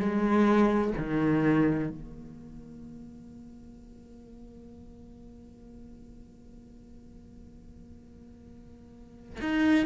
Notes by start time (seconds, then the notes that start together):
0.00 G#3
0.98 D#3
1.90 A#3
9.41 D#4